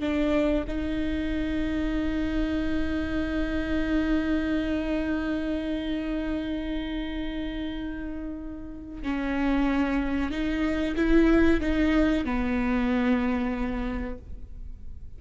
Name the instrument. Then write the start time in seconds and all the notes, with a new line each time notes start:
viola
0.00 D4
0.68 D#4
9.03 C#4
10.31 D#4
10.96 E4
11.61 D#4
12.25 B3